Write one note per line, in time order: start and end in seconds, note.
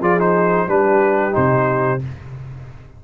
0.00 0.67 F3
0.00 0.18 F4
0.00 0.67 G#4
0.00 0.19 D5
0.18 0.68 D#4
0.18 0.68 C5
0.67 1.34 G3
0.67 1.31 D4
0.67 2.01 G4
0.67 1.34 B4
1.31 2.04 C3
1.31 1.98 D#4
1.31 2.02 C5